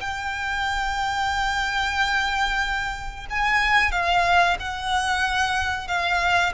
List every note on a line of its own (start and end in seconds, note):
0.00 3.26 G5
3.30 3.91 G#5
3.91 4.57 F5
4.59 5.87 F#5
5.87 6.52 F5